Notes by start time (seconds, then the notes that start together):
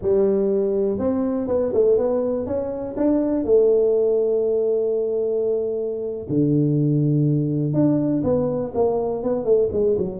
0.02 G3
0.98 C4
1.47 B3
1.73 A3
1.97 B3
2.46 C#4
2.96 D4
3.44 A3
6.29 D3
7.73 D4
8.23 B3
8.74 A#3
9.23 B3
9.44 A3
9.72 G#3
9.97 F#3